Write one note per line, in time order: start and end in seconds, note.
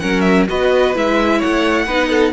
0.00 0.50 F#3
0.00 0.47 C#4
0.00 0.48 A#4
0.00 0.21 F#5
0.21 0.44 E5
0.49 0.96 B3
0.49 0.94 F#4
0.49 1.39 B4
0.49 0.96 D#5
0.94 1.42 G#3
0.94 1.87 E4
0.94 1.41 E5
1.39 1.87 A3
1.39 1.85 C#5
1.39 2.33 F#5
1.87 2.33 B3
1.87 2.33 D#4
1.87 2.09 B4
2.09 2.32 A4